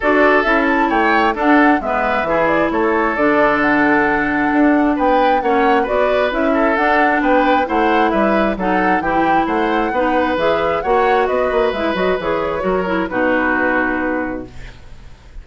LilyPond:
<<
  \new Staff \with { instrumentName = "flute" } { \time 4/4 \tempo 4 = 133 d''4 e''8 a''8 g''4 fis''4 | e''4. d''8 cis''4 d''4 | fis''2. g''4 | fis''4 d''4 e''4 fis''4 |
g''4 fis''4 e''4 fis''4 | g''4 fis''2 e''4 | fis''4 dis''4 e''8 dis''8 cis''4~ | cis''4 b'2. | }
  \new Staff \with { instrumentName = "oboe" } { \time 4/4 a'2 cis''4 a'4 | b'4 gis'4 a'2~ | a'2. b'4 | cis''4 b'4. a'4. |
b'4 c''4 b'4 a'4 | g'4 c''4 b'2 | cis''4 b'2. | ais'4 fis'2. | }
  \new Staff \with { instrumentName = "clarinet" } { \time 4/4 fis'4 e'2 d'4 | b4 e'2 d'4~ | d'1 | cis'4 fis'4 e'4 d'4~ |
d'4 e'2 dis'4 | e'2 dis'4 gis'4 | fis'2 e'8 fis'8 gis'4 | fis'8 e'8 dis'2. | }
  \new Staff \with { instrumentName = "bassoon" } { \time 4/4 d'4 cis'4 a4 d'4 | gis4 e4 a4 d4~ | d2 d'4 b4 | ais4 b4 cis'4 d'4 |
b4 a4 g4 fis4 | e4 a4 b4 e4 | ais4 b8 ais8 gis8 fis8 e4 | fis4 b,2. | }
>>